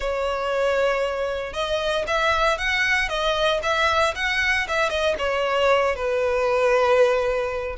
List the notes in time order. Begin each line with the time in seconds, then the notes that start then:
0.00 C#5
1.53 D#5
2.07 E5
2.57 F#5
3.08 D#5
3.62 E5
4.15 F#5
4.68 E5
4.89 D#5
5.18 C#5
5.95 B4